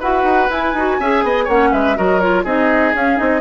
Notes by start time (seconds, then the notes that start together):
0.00 E4 F#4 B4 F#5
0.23 D#4
0.50 E4 G#5
0.74 D#4 F#4
1.00 C#4 G#4 E5
1.23 B3 D#5
1.44 A#3 C#4 C#5 F#5
1.72 G#3 B4 E5
1.96 F#3 F#4 A#4 D#5
2.20 F4 C#5
2.44 C4 D#4 G#4 D#5
2.95 C#4 F5
3.17 C4 D#4 D#5